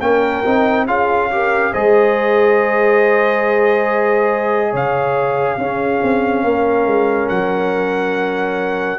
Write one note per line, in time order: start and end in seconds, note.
0.00 0.43 A#3
0.00 0.45 C#4
0.00 0.86 A#4
0.00 0.87 G5
0.45 0.88 C4
0.45 0.88 D#4
0.87 1.74 C#4
0.87 1.31 F4
0.87 1.30 G#4
0.87 1.74 F5
1.31 1.74 G4
1.31 1.73 A#4
1.73 4.74 G#3
1.73 5.59 G#4
1.73 4.71 C5
1.73 4.74 D#5
4.71 5.58 C#3
4.71 5.57 C#5
4.71 7.29 F5
5.58 6.01 C#4
5.58 8.99 C#4
5.58 6.45 G#4
6.03 6.44 C4
6.44 6.86 A#3
6.44 8.99 A#4
6.86 7.29 G#3
7.29 8.99 F#3
7.29 8.99 F#5